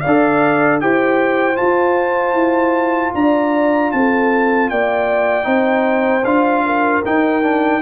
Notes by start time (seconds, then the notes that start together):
0.00 D4 D5 F5
0.07 A4
0.81 E4 G4 C5 G5
1.55 F4 A5
1.61 F4
2.33 E4
3.14 D4 D5 A#5
3.92 C4 A4 A5
4.69 A#3 D5 G5
5.43 C4 D#4 C5
6.24 D4 F4 F5
6.65 A#4
7.05 D#4 G5
7.43 D4